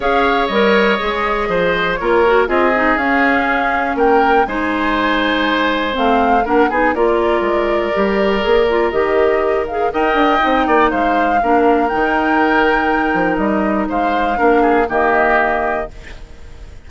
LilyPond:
<<
  \new Staff \with { instrumentName = "flute" } { \time 4/4 \tempo 4 = 121 f''4 dis''2. | cis''4 dis''4 f''2 | g''4 gis''2. | f''4 fis''8 gis''8 d''2~ |
d''2 dis''4. f''8 | g''2 f''2 | g''2. dis''4 | f''2 dis''2 | }
  \new Staff \with { instrumentName = "oboe" } { \time 4/4 cis''2. c''4 | ais'4 gis'2. | ais'4 c''2.~ | c''4 ais'8 gis'8 ais'2~ |
ais'1 | dis''4. d''8 c''4 ais'4~ | ais'1 | c''4 ais'8 gis'8 g'2 | }
  \new Staff \with { instrumentName = "clarinet" } { \time 4/4 gis'4 ais'4 gis'2 | f'8 fis'8 f'8 dis'8 cis'2~ | cis'4 dis'2. | c'4 d'8 dis'8 f'2 |
g'4 gis'8 f'8 g'4. gis'8 | ais'4 dis'2 d'4 | dis'1~ | dis'4 d'4 ais2 | }
  \new Staff \with { instrumentName = "bassoon" } { \time 4/4 cis'4 g4 gis4 f4 | ais4 c'4 cis'2 | ais4 gis2. | a4 ais8 b8 ais4 gis4 |
g4 ais4 dis2 | dis'8 d'8 c'8 ais8 gis4 ais4 | dis2~ dis8 f8 g4 | gis4 ais4 dis2 | }
>>